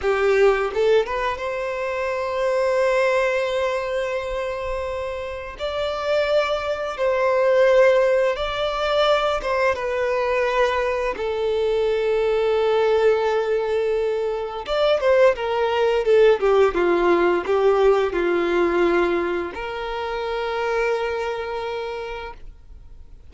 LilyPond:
\new Staff \with { instrumentName = "violin" } { \time 4/4 \tempo 4 = 86 g'4 a'8 b'8 c''2~ | c''1 | d''2 c''2 | d''4. c''8 b'2 |
a'1~ | a'4 d''8 c''8 ais'4 a'8 g'8 | f'4 g'4 f'2 | ais'1 | }